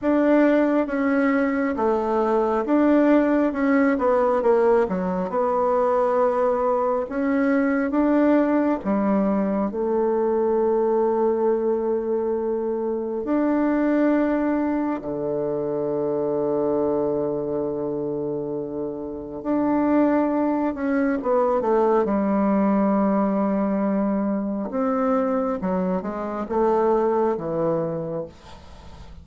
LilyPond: \new Staff \with { instrumentName = "bassoon" } { \time 4/4 \tempo 4 = 68 d'4 cis'4 a4 d'4 | cis'8 b8 ais8 fis8 b2 | cis'4 d'4 g4 a4~ | a2. d'4~ |
d'4 d2.~ | d2 d'4. cis'8 | b8 a8 g2. | c'4 fis8 gis8 a4 e4 | }